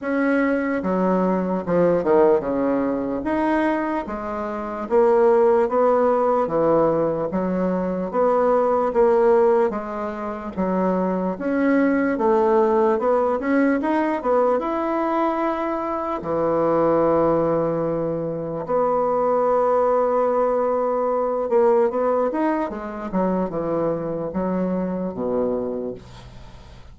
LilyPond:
\new Staff \with { instrumentName = "bassoon" } { \time 4/4 \tempo 4 = 74 cis'4 fis4 f8 dis8 cis4 | dis'4 gis4 ais4 b4 | e4 fis4 b4 ais4 | gis4 fis4 cis'4 a4 |
b8 cis'8 dis'8 b8 e'2 | e2. b4~ | b2~ b8 ais8 b8 dis'8 | gis8 fis8 e4 fis4 b,4 | }